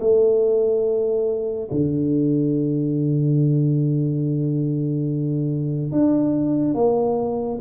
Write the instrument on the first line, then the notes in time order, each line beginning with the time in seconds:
tuba
0.00 A3
1.71 D3
5.92 D4
6.75 A#3